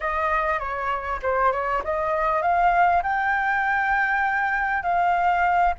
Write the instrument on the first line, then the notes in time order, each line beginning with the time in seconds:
flute
0.00 D#5
0.59 C#5
1.22 C5
1.52 C#5
1.84 D#5
2.42 F5
3.02 G5
4.83 F5